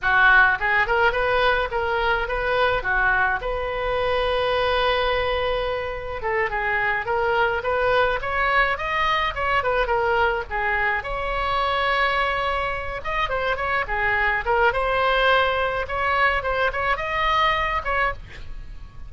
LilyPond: \new Staff \with { instrumentName = "oboe" } { \time 4/4 \tempo 4 = 106 fis'4 gis'8 ais'8 b'4 ais'4 | b'4 fis'4 b'2~ | b'2. a'8 gis'8~ | gis'8 ais'4 b'4 cis''4 dis''8~ |
dis''8 cis''8 b'8 ais'4 gis'4 cis''8~ | cis''2. dis''8 c''8 | cis''8 gis'4 ais'8 c''2 | cis''4 c''8 cis''8 dis''4. cis''8 | }